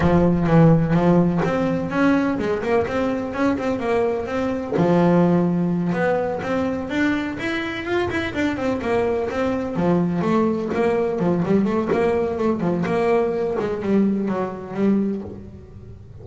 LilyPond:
\new Staff \with { instrumentName = "double bass" } { \time 4/4 \tempo 4 = 126 f4 e4 f4 c'4 | cis'4 gis8 ais8 c'4 cis'8 c'8 | ais4 c'4 f2~ | f8 b4 c'4 d'4 e'8~ |
e'8 f'8 e'8 d'8 c'8 ais4 c'8~ | c'8 f4 a4 ais4 f8 | g8 a8 ais4 a8 f8 ais4~ | ais8 gis8 g4 fis4 g4 | }